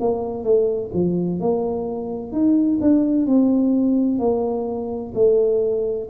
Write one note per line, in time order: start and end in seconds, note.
0.00 0.43 A#3
0.43 0.90 A3
0.94 1.39 F3
1.39 2.32 A#3
2.32 2.79 D#4
2.81 3.26 D4
3.26 4.19 C4
4.19 5.13 A#3
5.14 6.08 A3